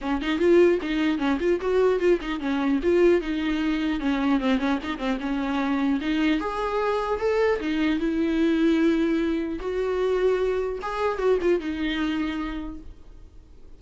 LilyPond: \new Staff \with { instrumentName = "viola" } { \time 4/4 \tempo 4 = 150 cis'8 dis'8 f'4 dis'4 cis'8 f'8 | fis'4 f'8 dis'8 cis'4 f'4 | dis'2 cis'4 c'8 cis'8 | dis'8 c'8 cis'2 dis'4 |
gis'2 a'4 dis'4 | e'1 | fis'2. gis'4 | fis'8 f'8 dis'2. | }